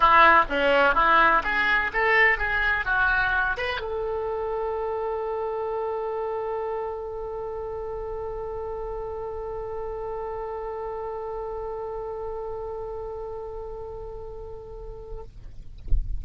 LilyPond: \new Staff \with { instrumentName = "oboe" } { \time 4/4 \tempo 4 = 126 e'4 cis'4 e'4 gis'4 | a'4 gis'4 fis'4. b'8 | a'1~ | a'1~ |
a'1~ | a'1~ | a'1~ | a'1 | }